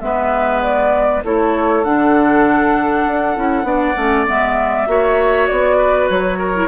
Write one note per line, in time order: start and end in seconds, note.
0.00 1.22 G#3
0.00 1.22 B3
0.00 1.24 B4
0.00 0.61 E5
0.62 1.22 D5
1.24 1.85 A3
1.24 1.84 E4
1.24 3.66 A4
1.24 1.84 C#5
1.84 3.06 D3
1.84 3.35 D4
1.84 4.26 F#5
3.07 3.37 D4
3.35 3.63 C#4
3.35 3.63 E4
3.63 3.93 B3
3.63 3.94 D4
3.63 4.87 D5
3.96 4.27 A3
3.96 4.26 C#4
4.26 4.87 G#3
4.26 4.86 B3
4.26 5.47 E5
4.86 5.47 A#3
4.86 6.53 F#4
4.86 5.77 C#5
5.47 6.09 B3
5.47 6.08 D5
5.77 6.38 B4
6.09 6.68 F#3
6.09 6.68 C#5
6.38 6.68 A#4
6.54 6.68 E4